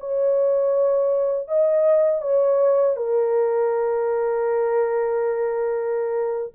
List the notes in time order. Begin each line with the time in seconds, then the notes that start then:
0.00 C#5
1.48 D#5
2.22 C#5
2.96 A#4